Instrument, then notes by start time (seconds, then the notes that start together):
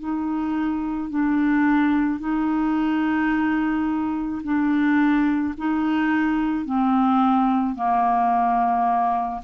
clarinet
0.00 D#4
1.11 D4
2.20 D#4
4.43 D4
5.58 D#4
6.66 C4
7.76 A#3